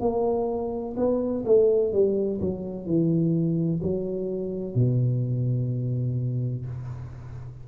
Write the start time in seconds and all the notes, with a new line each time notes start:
0.00 A#3
0.96 B3
1.45 A3
1.92 G3
2.40 F#3
2.86 E3
3.82 F#3
4.75 B2